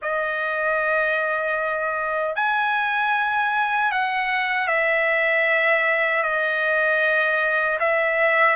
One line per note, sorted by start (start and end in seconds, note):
0.01 2.35 D#5
2.35 3.91 G#5
3.91 4.67 F#5
4.67 6.22 E5
6.22 7.78 D#5
7.79 8.55 E5